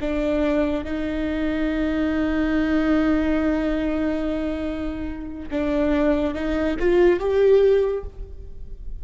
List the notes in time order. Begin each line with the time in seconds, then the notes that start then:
0.00 D4
0.84 D#4
5.51 D4
6.34 D#4
6.79 F4
7.19 G4